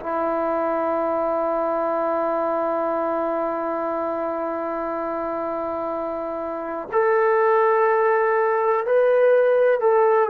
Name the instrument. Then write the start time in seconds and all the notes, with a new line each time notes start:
trombone
0.00 E4
6.92 A4
8.86 B4
9.80 A4